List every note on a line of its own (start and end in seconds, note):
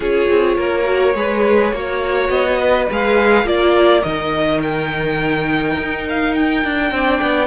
0.00 0.28 C#4
0.00 0.83 F4
0.00 0.55 G#4
0.00 2.29 C#5
0.29 0.58 C4
0.56 1.14 A#3
0.56 1.13 A#4
0.83 1.12 F#4
1.14 1.72 G#3
1.14 1.72 G#4
1.14 1.73 B4
1.72 2.29 A#3
1.72 2.88 F#4
1.72 2.59 C#5
2.29 2.87 B3
2.29 2.87 D#5
2.59 3.46 B4
2.91 3.44 G#3
2.91 3.44 G#4
2.91 3.47 F5
3.44 4.02 A#3
3.44 4.02 F4
3.44 6.94 A#4
3.44 4.03 D5
4.03 5.78 D#3
4.03 6.92 D#4
4.03 4.60 D#5
4.62 6.06 G5
5.78 6.64 D#4
6.09 6.34 F5
6.34 7.47 G5
6.64 6.91 D4
6.91 7.20 C4
6.91 7.47 D4
6.91 7.47 D5
7.21 7.47 B3